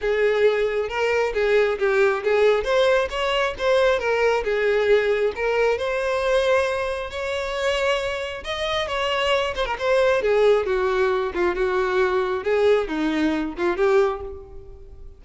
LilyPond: \new Staff \with { instrumentName = "violin" } { \time 4/4 \tempo 4 = 135 gis'2 ais'4 gis'4 | g'4 gis'4 c''4 cis''4 | c''4 ais'4 gis'2 | ais'4 c''2. |
cis''2. dis''4 | cis''4. c''16 ais'16 c''4 gis'4 | fis'4. f'8 fis'2 | gis'4 dis'4. f'8 g'4 | }